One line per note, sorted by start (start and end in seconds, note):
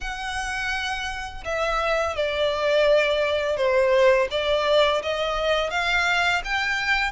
0.01 1.44 F#5
1.44 2.16 E5
2.16 3.56 D5
3.56 4.28 C5
4.30 5.02 D5
5.02 5.70 D#5
5.70 6.42 F5
6.44 7.11 G5